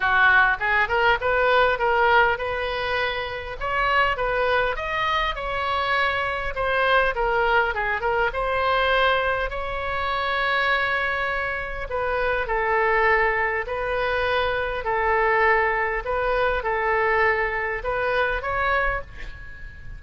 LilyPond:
\new Staff \with { instrumentName = "oboe" } { \time 4/4 \tempo 4 = 101 fis'4 gis'8 ais'8 b'4 ais'4 | b'2 cis''4 b'4 | dis''4 cis''2 c''4 | ais'4 gis'8 ais'8 c''2 |
cis''1 | b'4 a'2 b'4~ | b'4 a'2 b'4 | a'2 b'4 cis''4 | }